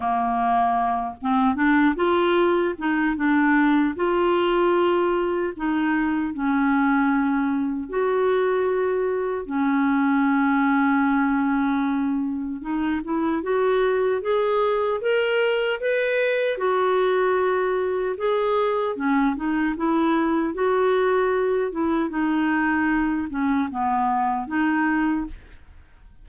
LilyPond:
\new Staff \with { instrumentName = "clarinet" } { \time 4/4 \tempo 4 = 76 ais4. c'8 d'8 f'4 dis'8 | d'4 f'2 dis'4 | cis'2 fis'2 | cis'1 |
dis'8 e'8 fis'4 gis'4 ais'4 | b'4 fis'2 gis'4 | cis'8 dis'8 e'4 fis'4. e'8 | dis'4. cis'8 b4 dis'4 | }